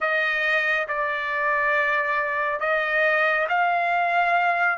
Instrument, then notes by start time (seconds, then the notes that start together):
trumpet
0.00 D#5
0.87 D5
2.60 D#5
3.48 F5